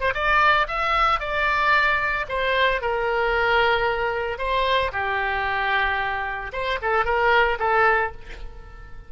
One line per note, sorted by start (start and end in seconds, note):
0.00 0.13 C5
0.14 0.67 D5
0.68 1.19 E5
1.19 2.26 D5
2.29 2.81 C5
2.81 4.38 A#4
4.38 4.91 C5
4.92 6.52 G4
6.52 6.79 C5
6.82 7.05 A4
7.05 7.58 A#4
7.59 8.12 A4